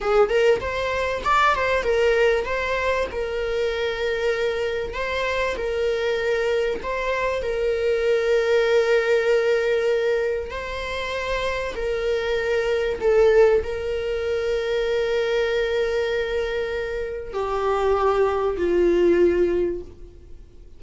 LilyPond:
\new Staff \with { instrumentName = "viola" } { \time 4/4 \tempo 4 = 97 gis'8 ais'8 c''4 d''8 c''8 ais'4 | c''4 ais'2. | c''4 ais'2 c''4 | ais'1~ |
ais'4 c''2 ais'4~ | ais'4 a'4 ais'2~ | ais'1 | g'2 f'2 | }